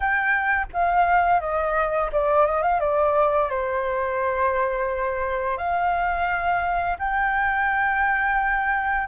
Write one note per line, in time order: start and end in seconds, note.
0.00 0.66 G5
0.73 1.40 F5
1.40 2.10 D#5
2.12 2.46 D5
2.46 2.62 D#5
2.62 2.79 F5
2.80 3.49 D5
3.50 5.57 C5
5.57 6.97 F5
6.98 9.07 G5